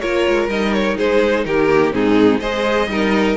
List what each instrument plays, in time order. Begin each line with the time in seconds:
0.00 cello A#3, viola F4, violin A#4 C#5
0.29 cello G#3
0.48 cello G3, viola D#4, violin D#5
0.73 violin C#5
0.96 cello G#3, violin G#4 C5
1.45 cello D#3, violin G4 A#4
1.68 viola A#3
1.92 cello G#2, viola C4, violin D#4 G#4
2.40 cello G#3, viola G#4, violin C5 D#5
2.87 cello G3, viola D#4, violin A#4